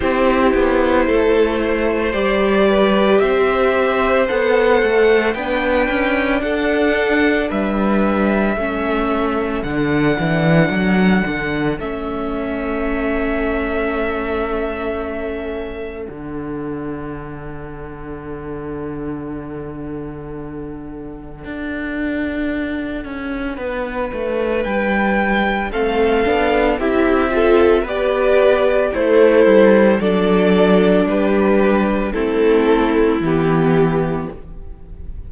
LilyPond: <<
  \new Staff \with { instrumentName = "violin" } { \time 4/4 \tempo 4 = 56 c''2 d''4 e''4 | fis''4 g''4 fis''4 e''4~ | e''4 fis''2 e''4~ | e''2. fis''4~ |
fis''1~ | fis''2. g''4 | f''4 e''4 d''4 c''4 | d''4 b'4 a'4 g'4 | }
  \new Staff \with { instrumentName = "violin" } { \time 4/4 g'4 a'8 c''4 b'8 c''4~ | c''4 b'4 a'4 b'4 | a'1~ | a'1~ |
a'1~ | a'2 b'2 | a'4 g'8 a'8 b'4 e'4 | a'4 g'4 e'2 | }
  \new Staff \with { instrumentName = "viola" } { \time 4/4 e'2 g'2 | a'4 d'2. | cis'4 d'2 cis'4~ | cis'2. d'4~ |
d'1~ | d'1 | c'8 d'8 e'8 f'8 g'4 a'4 | d'2 c'4 b4 | }
  \new Staff \with { instrumentName = "cello" } { \time 4/4 c'8 b8 a4 g4 c'4 | b8 a8 b8 cis'8 d'4 g4 | a4 d8 e8 fis8 d8 a4~ | a2. d4~ |
d1 | d'4. cis'8 b8 a8 g4 | a8 b8 c'4 b4 a8 g8 | fis4 g4 a4 e4 | }
>>